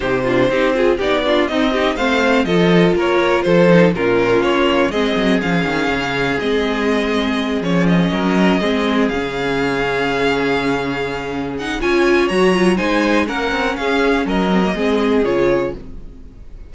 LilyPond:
<<
  \new Staff \with { instrumentName = "violin" } { \time 4/4 \tempo 4 = 122 c''2 d''4 dis''4 | f''4 dis''4 cis''4 c''4 | ais'4 cis''4 dis''4 f''4~ | f''4 dis''2~ dis''8 cis''8 |
dis''2~ dis''8 f''4.~ | f''2.~ f''8 fis''8 | gis''4 ais''4 gis''4 fis''4 | f''4 dis''2 cis''4 | }
  \new Staff \with { instrumentName = "violin" } { \time 4/4 g'8 f'8 g'8 gis'8 g'8 f'8 dis'8 g'8 | c''4 a'4 ais'4 a'4 | f'2 gis'2~ | gis'1~ |
gis'8 ais'4 gis'2~ gis'8~ | gis'1 | cis''2 c''4 ais'4 | gis'4 ais'4 gis'2 | }
  \new Staff \with { instrumentName = "viola" } { \time 4/4 dis'8 d'8 dis'8 f'8 dis'8 d'8 c'8 dis'8 | c'4 f'2~ f'8 dis'8 | cis'2 c'4 cis'4~ | cis'4 c'2~ c'8 cis'8~ |
cis'4. c'4 cis'4.~ | cis'2.~ cis'8 dis'8 | f'4 fis'8 f'8 dis'4 cis'4~ | cis'4. c'16 ais16 c'4 f'4 | }
  \new Staff \with { instrumentName = "cello" } { \time 4/4 c4 c'4 b4 c'4 | a4 f4 ais4 f4 | ais,4 ais4 gis8 fis8 f8 dis8 | cis4 gis2~ gis8 f8~ |
f8 fis4 gis4 cis4.~ | cis1 | cis'4 fis4 gis4 ais8 c'8 | cis'4 fis4 gis4 cis4 | }
>>